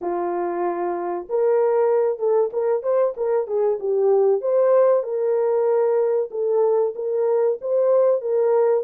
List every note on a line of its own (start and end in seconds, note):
0.01 1.27 F4
1.29 2.18 A#4
2.18 2.50 A4
2.52 2.82 A#4
2.82 3.14 C5
3.16 3.47 A#4
3.47 3.79 G#4
3.79 4.41 G4
4.41 5.03 C5
5.03 6.29 A#4
6.30 6.94 A4
6.95 7.58 A#4
7.61 8.21 C5
8.21 8.84 A#4